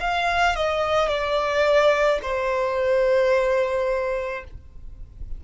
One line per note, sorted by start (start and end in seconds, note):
0.00 0.56 F5
0.56 1.09 D#5
1.09 2.20 D5
2.22 4.44 C5